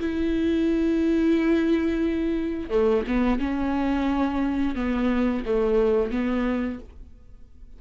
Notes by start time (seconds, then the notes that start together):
0.00 E4
2.70 A3
3.07 B3
3.39 C#4
4.76 B3
5.46 A3
6.11 B3